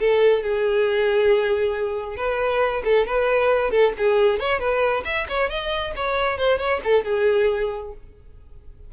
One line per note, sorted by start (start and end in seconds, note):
0.00 0.43 A4
0.43 2.16 G#4
2.16 2.83 B4
2.85 3.06 A4
3.06 3.71 B4
3.71 3.93 A4
3.97 4.40 G#4
4.40 4.60 C#5
4.60 5.04 B4
5.05 5.27 E5
5.29 5.49 C#5
5.49 5.94 D#5
5.96 6.38 C#5
6.38 6.58 C5
6.58 6.80 C#5
6.84 7.04 A4
7.04 7.93 G#4